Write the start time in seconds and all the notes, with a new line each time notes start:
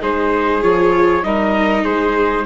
0.00 G#3 D#4 G#4 C5
0.62 F3 F4 C#5
1.23 G3 D#4 A#4 D#5
1.83 G#3 G#4 C5